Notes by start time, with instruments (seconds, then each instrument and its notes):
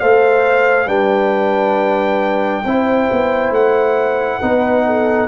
0.00 tuba A3, trombone A4, horn C5, trumpet F5
0.86 tuba G3, trombone D4, horn B4, trumpet G5
2.65 tuba C4, trombone E4, horn C5
3.11 tuba B3
3.50 tuba A3, trumpet F#5
4.41 tuba B3, trombone D#4, horn B4
4.85 horn A4